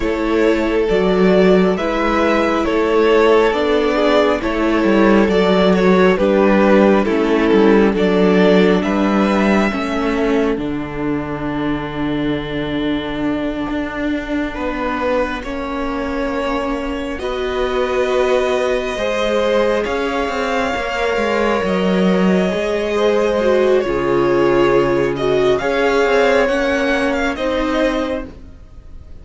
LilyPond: <<
  \new Staff \with { instrumentName = "violin" } { \time 4/4 \tempo 4 = 68 cis''4 d''4 e''4 cis''4 | d''4 cis''4 d''8 cis''8 b'4 | a'4 d''4 e''2 | fis''1~ |
fis''2.~ fis''8 dis''8~ | dis''2~ dis''8 f''4.~ | f''8 dis''2~ dis''8 cis''4~ | cis''8 dis''8 f''4 fis''8. f''16 dis''4 | }
  \new Staff \with { instrumentName = "violin" } { \time 4/4 a'2 b'4 a'4~ | a'8 gis'8 a'2 g'4 | e'4 a'4 b'4 a'4~ | a'1~ |
a'8 b'4 cis''2 b'8~ | b'4. c''4 cis''4.~ | cis''2 c''4 gis'4~ | gis'4 cis''2 c''4 | }
  \new Staff \with { instrumentName = "viola" } { \time 4/4 e'4 fis'4 e'2 | d'4 e'4 fis'4 d'4 | cis'4 d'2 cis'4 | d'1~ |
d'4. cis'2 fis'8~ | fis'4. gis'2 ais'8~ | ais'4. gis'4 fis'8 f'4~ | f'8 fis'8 gis'4 cis'4 dis'4 | }
  \new Staff \with { instrumentName = "cello" } { \time 4/4 a4 fis4 gis4 a4 | b4 a8 g8 fis4 g4 | a8 g8 fis4 g4 a4 | d2.~ d8 d'8~ |
d'8 b4 ais2 b8~ | b4. gis4 cis'8 c'8 ais8 | gis8 fis4 gis4. cis4~ | cis4 cis'8 c'8 ais4 c'4 | }
>>